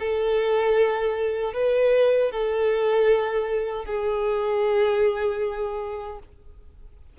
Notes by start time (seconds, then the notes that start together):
0.00 A4
1.54 B4
2.32 A4
3.85 G#4